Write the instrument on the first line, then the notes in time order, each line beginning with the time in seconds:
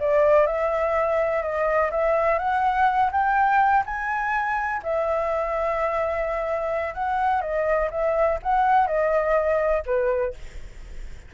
flute
0.00 D5
0.47 E5
1.42 D#5
1.91 E5
2.39 F#5
3.12 G5
3.86 G#5
4.83 E5
6.94 F#5
7.42 D#5
7.91 E5
8.43 F#5
8.87 D#5
9.86 B4